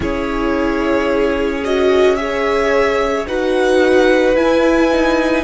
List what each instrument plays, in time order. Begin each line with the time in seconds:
0.00 cello C#4, viola E4, violin G#4 C#5
1.64 viola F#4, violin D#5
2.16 viola G#4, violin C#5 E5
3.27 cello D#4, viola F#4, violin B4 F#5
4.35 cello E4, viola E4, violin G#5
4.91 viola D#4